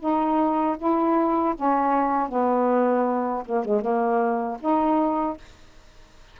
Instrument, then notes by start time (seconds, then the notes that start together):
saxophone
0.00 D#4
0.78 E4
1.56 C#4
2.29 B3
3.47 A#3
3.65 G#3
3.81 A#3
4.60 D#4